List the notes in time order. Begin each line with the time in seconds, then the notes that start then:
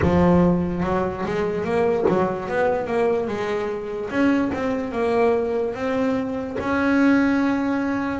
0.02 F3
0.83 F#3
1.25 G#3
1.64 A#3
2.08 F#3
2.48 B3
2.87 A#3
3.27 G#3
4.09 C#4
4.54 C4
4.92 A#3
5.74 C4
6.59 C#4